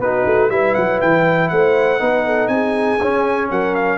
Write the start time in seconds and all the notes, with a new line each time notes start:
0.00 B3 D#4 F#4 B4
0.27 A3
0.51 G3 E4 B4 E5
0.75 F#3 F#5
1.01 E3 G5
1.49 A3 C5 F#5
1.99 B3 D#4 B4
2.27 A4
2.48 C4 G#4 G#5
3.01 C#4
3.51 F#3 A#4 F#5
3.75 F5